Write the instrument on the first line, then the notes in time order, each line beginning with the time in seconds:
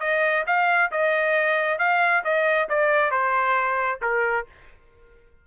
trumpet
0.00 D#5
0.47 F5
0.92 D#5
1.79 F5
2.25 D#5
2.69 D5
3.11 C5
4.02 A#4